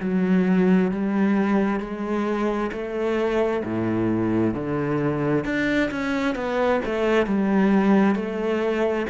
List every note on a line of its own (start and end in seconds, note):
0.00 0.91 F#3
0.91 1.79 G3
1.79 2.70 G#3
2.71 3.62 A3
3.64 4.54 A2
4.54 5.44 D3
5.44 5.90 D4
5.90 6.35 C#4
6.35 6.80 B3
6.85 7.26 A3
7.26 8.15 G3
8.15 9.06 A3